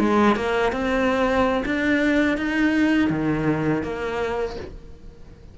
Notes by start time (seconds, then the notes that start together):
0.00 G#3
0.36 A#3
0.73 C4
1.66 D4
2.38 D#4
3.10 D#3
3.83 A#3